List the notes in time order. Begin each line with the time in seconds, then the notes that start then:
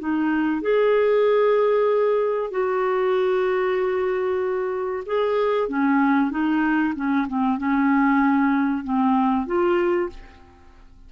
0.00 D#4
0.62 G#4
2.51 F#4
5.06 G#4
5.69 C#4
6.31 D#4
6.96 C#4
7.28 C4
7.58 C#4
8.84 C4
9.47 F4